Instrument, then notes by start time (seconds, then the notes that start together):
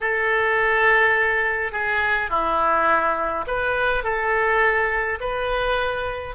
oboe
0.00 A4
1.72 G#4
2.29 E4
3.47 B4
4.03 A4
5.20 B4